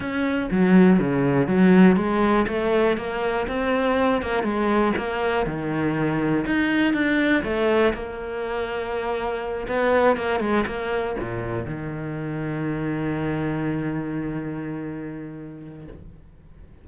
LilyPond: \new Staff \with { instrumentName = "cello" } { \time 4/4 \tempo 4 = 121 cis'4 fis4 cis4 fis4 | gis4 a4 ais4 c'4~ | c'8 ais8 gis4 ais4 dis4~ | dis4 dis'4 d'4 a4 |
ais2.~ ais8 b8~ | b8 ais8 gis8 ais4 ais,4 dis8~ | dis1~ | dis1 | }